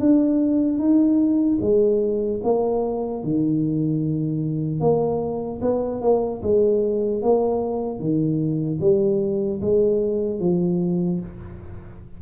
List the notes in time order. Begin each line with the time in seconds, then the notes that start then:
0.00 D4
0.79 D#4
1.61 G#3
2.44 A#3
3.24 D#3
4.81 A#3
5.62 B3
6.02 A#3
6.43 G#3
7.23 A#3
8.00 D#3
8.81 G3
9.61 G#3
10.40 F3